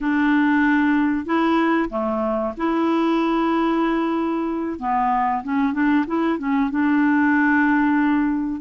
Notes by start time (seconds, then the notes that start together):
0.00 D4
1.25 E4
1.89 A3
2.57 E4
4.79 B3
5.43 C#4
5.73 D4
6.06 E4
6.38 C#4
6.70 D4